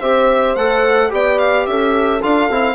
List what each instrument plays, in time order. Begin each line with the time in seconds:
0.00 bassoon C4, trombone G4, horn C5, violin E5
0.55 bassoon A3, trombone A4, violin F#5
1.09 bassoon B3, trombone G4, horn D5, violin G5
1.38 violin F5
1.66 bassoon C#4, horn A4, violin E5
2.21 bassoon D4, trombone F4, violin F5
2.49 bassoon C4, trombone E4